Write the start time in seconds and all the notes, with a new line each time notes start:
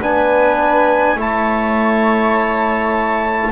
0.00 B3 D4 B4 G#5
1.16 A3 E4 C#5 A5